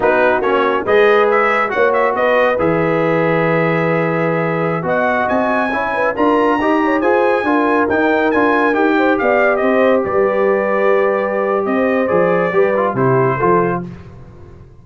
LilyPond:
<<
  \new Staff \with { instrumentName = "trumpet" } { \time 4/4 \tempo 4 = 139 b'4 cis''4 dis''4 e''4 | fis''8 e''8 dis''4 e''2~ | e''2.~ e''16 fis''8.~ | fis''16 gis''2 ais''4.~ ais''16~ |
ais''16 gis''2 g''4 gis''8.~ | gis''16 g''4 f''4 dis''4 d''8.~ | d''2. dis''4 | d''2 c''2 | }
  \new Staff \with { instrumentName = "horn" } { \time 4/4 fis'2 b'2 | cis''4 b'2.~ | b'2.~ b'16 dis''8.~ | dis''4~ dis''16 cis''8 b'8 ais'4 dis''8 cis''16~ |
cis''16 c''4 ais'2~ ais'8.~ | ais'8. c''8 d''4 c''4 b'8.~ | b'2. c''4~ | c''4 b'4 g'4 a'4 | }
  \new Staff \with { instrumentName = "trombone" } { \time 4/4 dis'4 cis'4 gis'2 | fis'2 gis'2~ | gis'2.~ gis'16 fis'8.~ | fis'4~ fis'16 e'4 f'4 g'8.~ |
g'16 gis'4 f'4 dis'4 f'8.~ | f'16 g'2.~ g'8.~ | g'1 | gis'4 g'8 f'8 e'4 f'4 | }
  \new Staff \with { instrumentName = "tuba" } { \time 4/4 b4 ais4 gis2 | ais4 b4 e2~ | e2.~ e16 b8.~ | b16 c'4 cis'4 d'4 dis'8.~ |
dis'16 f'4 d'4 dis'4 d'8.~ | d'16 dis'4 b4 c'4 g8.~ | g2. c'4 | f4 g4 c4 f4 | }
>>